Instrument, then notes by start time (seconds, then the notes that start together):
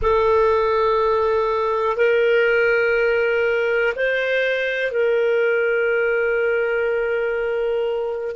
clarinet
0.02 A4
1.96 A#4
3.96 C5
4.91 A#4